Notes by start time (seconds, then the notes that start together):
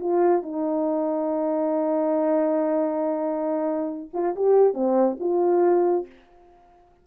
0.00 F4
0.43 D#4
4.13 F4
4.36 G4
4.74 C4
5.20 F4